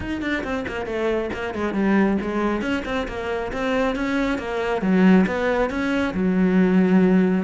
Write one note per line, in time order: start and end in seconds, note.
0.00 0.21 D#4
0.21 0.43 D4
0.43 0.65 C4
0.67 0.86 A#3
0.86 1.30 A3
1.33 1.54 A#3
1.54 1.73 G#3
1.73 2.17 G3
2.21 2.61 G#3
2.61 2.83 C#4
2.85 3.07 C4
3.08 3.52 A#3
3.52 3.95 C4
3.95 4.38 C#4
4.38 4.81 A#3
4.81 5.25 F#3
5.27 5.69 B3
5.69 6.13 C#4
6.14 7.44 F#3